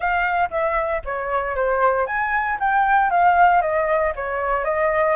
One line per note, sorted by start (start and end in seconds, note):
0.00 0.49 F5
0.50 1.02 E5
1.04 1.55 C#5
1.55 2.06 C5
2.06 2.58 G#5
2.59 3.10 G5
3.10 3.61 F5
3.61 4.13 D#5
4.15 4.64 C#5
4.64 5.16 D#5